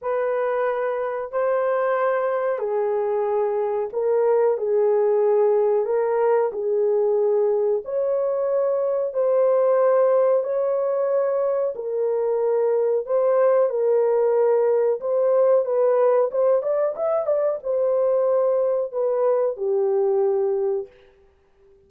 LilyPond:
\new Staff \with { instrumentName = "horn" } { \time 4/4 \tempo 4 = 92 b'2 c''2 | gis'2 ais'4 gis'4~ | gis'4 ais'4 gis'2 | cis''2 c''2 |
cis''2 ais'2 | c''4 ais'2 c''4 | b'4 c''8 d''8 e''8 d''8 c''4~ | c''4 b'4 g'2 | }